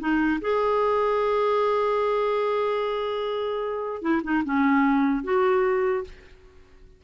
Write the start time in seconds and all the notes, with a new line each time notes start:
0.00 D#4
0.42 G#4
4.02 E4
4.23 D#4
4.45 C#4
5.24 F#4